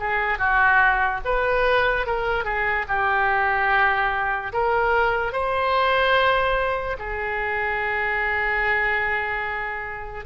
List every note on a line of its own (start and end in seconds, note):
0.00 0.38 G#4
0.38 1.21 F#4
1.25 2.07 B4
2.07 2.45 A#4
2.45 2.86 G#4
2.88 4.53 G4
4.53 5.33 A#4
5.33 6.97 C5
6.99 10.26 G#4